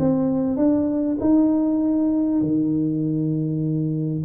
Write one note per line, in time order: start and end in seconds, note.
0.00 0.57 C4
0.57 1.18 D4
1.21 2.42 D#4
2.42 4.24 D#3